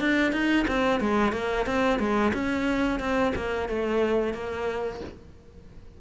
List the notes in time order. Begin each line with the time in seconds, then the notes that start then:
0.00 D4
0.32 D#4
0.68 C4
1.00 G#3
1.32 A#3
1.66 C4
1.99 G#3
2.34 C#4
2.99 C4
3.35 A#3
3.69 A3
4.34 A#3